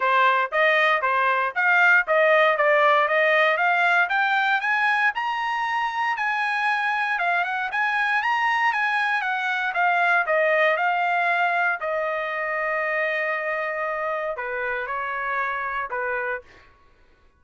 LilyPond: \new Staff \with { instrumentName = "trumpet" } { \time 4/4 \tempo 4 = 117 c''4 dis''4 c''4 f''4 | dis''4 d''4 dis''4 f''4 | g''4 gis''4 ais''2 | gis''2 f''8 fis''8 gis''4 |
ais''4 gis''4 fis''4 f''4 | dis''4 f''2 dis''4~ | dis''1 | b'4 cis''2 b'4 | }